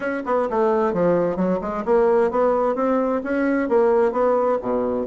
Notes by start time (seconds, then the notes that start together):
0.00 C#4
0.25 B3
0.50 A3
0.93 F3
1.36 F#3
1.61 G#3
1.85 A#3
2.30 B3
2.75 C4
3.23 C#4
3.69 A#3
4.12 B3
4.61 B2